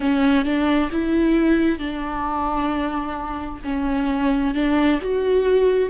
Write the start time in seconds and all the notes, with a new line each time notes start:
0.00 C#4
0.44 D4
0.91 E4
1.79 D4
3.64 C#4
4.54 D4
5.01 F#4